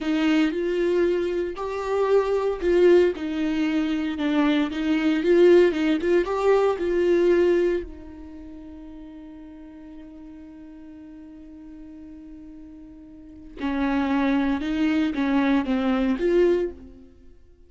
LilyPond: \new Staff \with { instrumentName = "viola" } { \time 4/4 \tempo 4 = 115 dis'4 f'2 g'4~ | g'4 f'4 dis'2 | d'4 dis'4 f'4 dis'8 f'8 | g'4 f'2 dis'4~ |
dis'1~ | dis'1~ | dis'2 cis'2 | dis'4 cis'4 c'4 f'4 | }